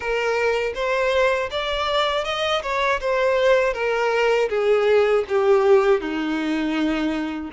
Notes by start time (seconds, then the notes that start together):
0.00 A#4
0.74 C5
1.50 D5
2.24 D#5
2.62 C#5
3.00 C5
3.73 A#4
4.49 G#4
5.28 G4
6.00 D#4